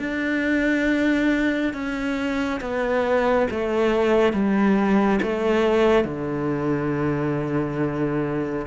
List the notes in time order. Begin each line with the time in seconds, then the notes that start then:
0.00 D4
1.74 C#4
2.61 B3
3.51 A3
4.33 G3
5.23 A3
6.05 D3